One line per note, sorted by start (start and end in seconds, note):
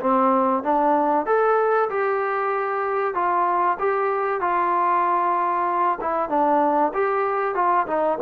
0.00 0.63 C4
0.63 1.26 D4
1.26 1.89 A4
1.89 3.14 G4
3.14 3.77 F4
3.79 4.41 G4
4.41 5.99 F4
6.01 6.29 E4
6.29 6.92 D4
6.93 7.54 G4
7.54 7.86 F4
7.87 8.18 D#4